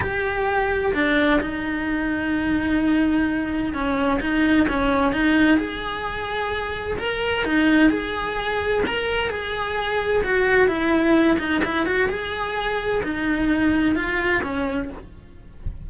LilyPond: \new Staff \with { instrumentName = "cello" } { \time 4/4 \tempo 4 = 129 g'2 d'4 dis'4~ | dis'1 | cis'4 dis'4 cis'4 dis'4 | gis'2. ais'4 |
dis'4 gis'2 ais'4 | gis'2 fis'4 e'4~ | e'8 dis'8 e'8 fis'8 gis'2 | dis'2 f'4 cis'4 | }